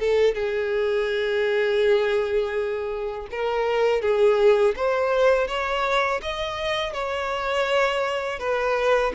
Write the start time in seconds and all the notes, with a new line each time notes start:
0.00 A4
0.35 G#4
3.31 A#4
4.02 G#4
4.76 C5
5.48 C#5
6.22 D#5
6.94 C#5
8.39 B4